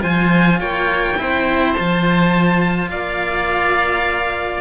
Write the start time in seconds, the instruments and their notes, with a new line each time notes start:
0.00 cello F3 F4, oboe C5, violin G#5
0.60 cello A#3, oboe C#5, violin G5
1.18 cello C4 E4, oboe C5
1.73 cello F4, violin A5
1.79 cello F3
2.90 cello A#3, oboe D5, violin F5